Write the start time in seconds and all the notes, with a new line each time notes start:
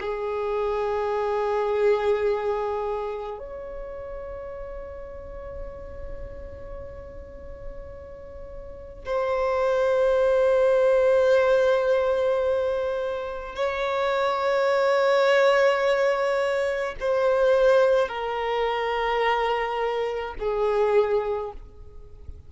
0.00 G#4
3.39 C#5
9.05 C5
13.55 C#5
17.00 C5
18.08 A#4
20.39 G#4